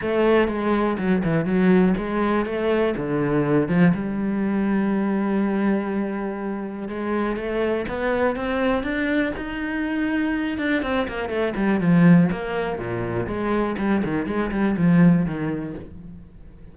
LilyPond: \new Staff \with { instrumentName = "cello" } { \time 4/4 \tempo 4 = 122 a4 gis4 fis8 e8 fis4 | gis4 a4 d4. f8 | g1~ | g2 gis4 a4 |
b4 c'4 d'4 dis'4~ | dis'4. d'8 c'8 ais8 a8 g8 | f4 ais4 ais,4 gis4 | g8 dis8 gis8 g8 f4 dis4 | }